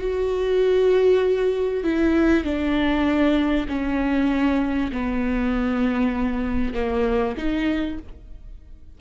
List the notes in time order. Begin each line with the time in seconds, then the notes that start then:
0.00 F#4
1.84 E4
2.44 D4
3.69 C#4
4.92 B3
6.74 A#3
7.37 D#4